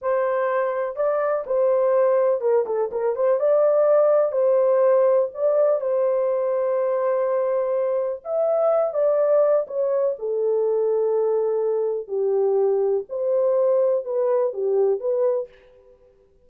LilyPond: \new Staff \with { instrumentName = "horn" } { \time 4/4 \tempo 4 = 124 c''2 d''4 c''4~ | c''4 ais'8 a'8 ais'8 c''8 d''4~ | d''4 c''2 d''4 | c''1~ |
c''4 e''4. d''4. | cis''4 a'2.~ | a'4 g'2 c''4~ | c''4 b'4 g'4 b'4 | }